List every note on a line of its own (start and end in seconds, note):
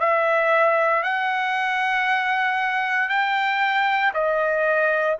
0.00 1.03 E5
1.03 3.09 F#5
3.09 4.12 G5
4.14 5.17 D#5